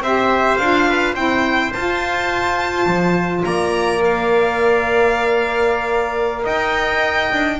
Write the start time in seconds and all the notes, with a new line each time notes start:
0.00 C4 G4 C5 E5
0.57 D4 F4 F5
0.90 B4
1.14 C4 E4 C5 G5
1.73 F4 A5
2.87 F3
3.45 A#3 D5 A#5
3.98 A#4
4.05 F5
6.44 D#4 D#5 G5
7.32 D4